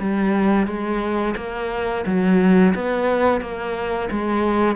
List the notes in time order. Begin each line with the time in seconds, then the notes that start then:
0.00 G3
0.67 G#3
1.37 A#3
2.06 F#3
2.75 B3
3.41 A#3
4.11 G#3